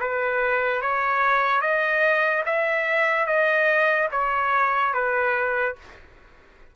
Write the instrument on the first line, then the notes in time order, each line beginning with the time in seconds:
trumpet
0.00 B4
0.81 C#5
1.61 D#5
2.46 E5
3.27 D#5
4.12 C#5
4.94 B4